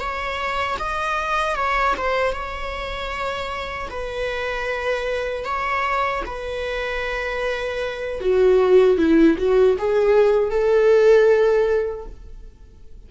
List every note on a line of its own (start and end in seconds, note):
0.00 0.78 C#5
0.79 1.55 D#5
1.55 1.94 C#5
1.97 2.33 C5
2.33 3.89 C#5
3.90 5.45 B4
5.45 6.23 C#5
6.26 8.21 B4
8.21 8.98 F#4
8.98 9.37 E4
9.38 9.77 F#4
9.78 10.51 G#4
10.51 12.06 A4